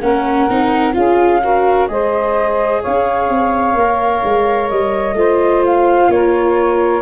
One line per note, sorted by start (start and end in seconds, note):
0.00 0.47 A#3
0.00 0.49 C#4
0.00 0.94 A#4
0.00 0.94 F#5
0.49 0.96 C4
0.49 0.92 D#4
0.92 1.89 C#4
0.92 1.39 F4
0.92 1.41 G#4
0.92 1.88 F5
1.42 1.88 F#4
1.42 1.89 A#4
1.88 2.82 G#3
1.88 3.76 G#4
1.88 2.81 C5
1.88 2.82 D#5
2.81 3.29 C#4
2.81 5.15 C#5
2.81 4.69 F5
3.29 3.73 C4
3.73 4.20 A#3
3.73 5.16 A#4
4.23 4.70 G#3
4.69 5.13 G3
4.69 5.63 D#5
5.13 6.06 A3
5.13 7.01 F4
5.13 6.11 C5
5.65 6.10 F5
6.08 7.01 A#3
6.08 7.01 A#4
6.08 7.01 C#5